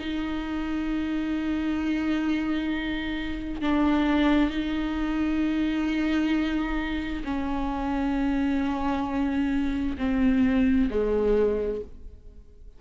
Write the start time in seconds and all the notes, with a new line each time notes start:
0.00 D#4
3.62 D4
4.51 D#4
7.24 C#4
9.98 C4
10.90 G#3